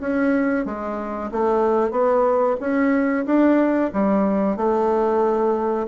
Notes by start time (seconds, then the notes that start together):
0.00 C#4
0.65 G#3
1.31 A3
1.91 B3
2.60 C#4
3.26 D4
3.93 G3
4.57 A3